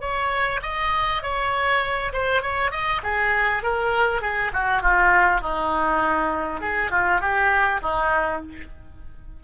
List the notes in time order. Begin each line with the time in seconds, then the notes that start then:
0.00 C#5
0.62 D#5
1.22 C#5
2.12 C5
2.42 C#5
2.71 D#5
3.03 G#4
3.62 A#4
4.21 G#4
4.53 F#4
4.82 F4
5.41 D#4
6.61 G#4
6.91 F4
7.21 G4
7.82 D#4